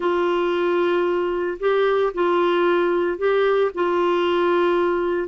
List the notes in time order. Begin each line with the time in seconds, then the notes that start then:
0.00 F4
1.59 G4
2.14 F4
3.18 G4
3.74 F4